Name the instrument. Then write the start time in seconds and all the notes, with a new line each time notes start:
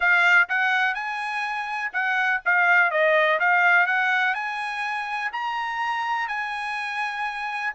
trumpet
0.00 F5
0.48 F#5
0.94 G#5
1.92 F#5
2.45 F5
2.90 D#5
3.39 F5
3.86 F#5
4.34 G#5
5.32 A#5
6.27 G#5